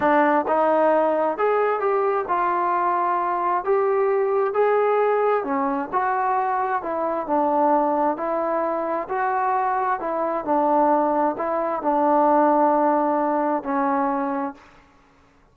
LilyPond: \new Staff \with { instrumentName = "trombone" } { \time 4/4 \tempo 4 = 132 d'4 dis'2 gis'4 | g'4 f'2. | g'2 gis'2 | cis'4 fis'2 e'4 |
d'2 e'2 | fis'2 e'4 d'4~ | d'4 e'4 d'2~ | d'2 cis'2 | }